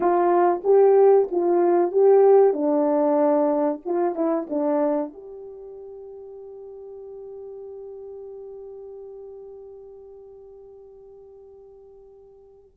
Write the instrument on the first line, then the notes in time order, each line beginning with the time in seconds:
horn
0.00 F4
0.64 G4
1.31 F4
1.91 G4
2.53 D4
3.85 F4
4.15 E4
4.49 D4
5.13 G4